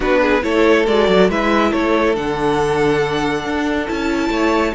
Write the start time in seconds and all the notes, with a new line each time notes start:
0.00 B3 D4 F#4 B4
0.21 G#4
0.42 A3 E4 A4 C#5
0.86 G#3 F#4 D5
1.07 F#3
1.29 G#3 E4 B4 E5
1.70 A3 A4 C#5
2.14 D3 D4 F#5
3.45 D4
3.87 C#4 E4 A5
4.29 A3 C#5